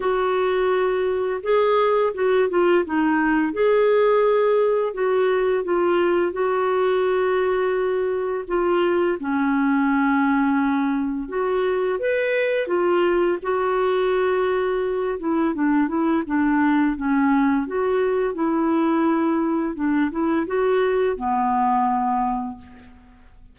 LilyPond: \new Staff \with { instrumentName = "clarinet" } { \time 4/4 \tempo 4 = 85 fis'2 gis'4 fis'8 f'8 | dis'4 gis'2 fis'4 | f'4 fis'2. | f'4 cis'2. |
fis'4 b'4 f'4 fis'4~ | fis'4. e'8 d'8 e'8 d'4 | cis'4 fis'4 e'2 | d'8 e'8 fis'4 b2 | }